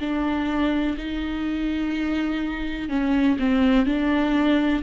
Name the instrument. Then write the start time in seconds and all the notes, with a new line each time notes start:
viola
0.00 D4
0.98 D#4
2.89 C#4
3.40 C4
3.86 D4